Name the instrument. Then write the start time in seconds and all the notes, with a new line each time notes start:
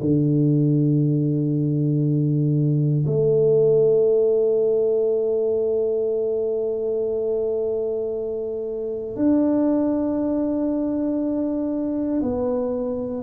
tuba
0.00 D3
3.06 A3
9.16 D4
12.22 B3